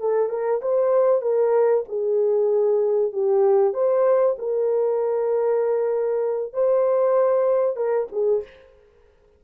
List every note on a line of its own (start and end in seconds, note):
0.00 0.30 A4
0.30 0.61 A#4
0.62 1.22 C5
1.22 1.84 A#4
1.88 3.12 G#4
3.12 3.74 G4
3.74 4.36 C5
4.38 6.53 A#4
6.53 7.77 C5
7.77 8.08 A#4
8.12 8.43 G#4